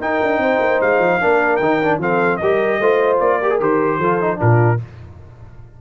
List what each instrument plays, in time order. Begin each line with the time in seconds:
0.00 tuba D#4, trombone D#4, horn A#4, trumpet G5
0.23 tuba D4
0.38 tuba C4, horn C5
0.60 tuba A#3
0.81 tuba G#3, trumpet F5
0.99 tuba F3
1.20 tuba A#3, trombone D4, horn A#4
1.56 tuba D#3, trombone D#4, trumpet G5
1.83 trombone D4
1.98 tuba F3, trombone C4, horn A4, trumpet F5
2.37 tuba G3, trombone G4, horn A#4, trumpet D#5
2.79 tuba A3, trombone F4, horn C5
3.20 tuba A#3, trumpet D5
3.42 trombone G4, horn A#4
3.51 trombone G#4
3.60 tuba D#3, trombone G4, trumpet C5
3.99 tuba F3, trombone F4, horn A4
4.21 trombone D#4
4.37 tuba A#2, trombone D4, horn F4, trumpet A#4